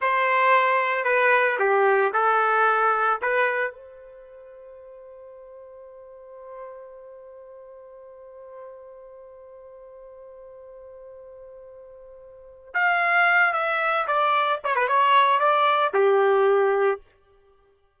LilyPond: \new Staff \with { instrumentName = "trumpet" } { \time 4/4 \tempo 4 = 113 c''2 b'4 g'4 | a'2 b'4 c''4~ | c''1~ | c''1~ |
c''1~ | c''1 | f''4. e''4 d''4 cis''16 b'16 | cis''4 d''4 g'2 | }